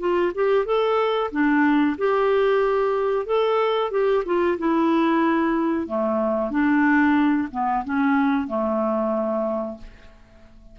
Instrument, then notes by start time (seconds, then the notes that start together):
clarinet
0.00 F4
0.35 G4
0.66 A4
1.31 D4
1.98 G4
3.26 A4
3.91 G4
4.26 F4
4.58 E4
5.87 A3
6.51 D4
7.52 B3
7.85 C#4
8.48 A3